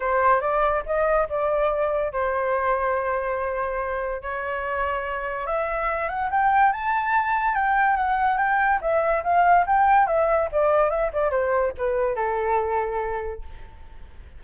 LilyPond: \new Staff \with { instrumentName = "flute" } { \time 4/4 \tempo 4 = 143 c''4 d''4 dis''4 d''4~ | d''4 c''2.~ | c''2 cis''2~ | cis''4 e''4. fis''8 g''4 |
a''2 g''4 fis''4 | g''4 e''4 f''4 g''4 | e''4 d''4 e''8 d''8 c''4 | b'4 a'2. | }